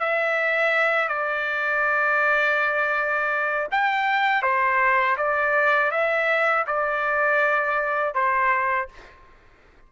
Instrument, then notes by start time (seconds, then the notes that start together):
trumpet
0.00 E5
1.08 D5
3.71 G5
4.43 C5
5.17 D5
5.91 E5
6.67 D5
8.14 C5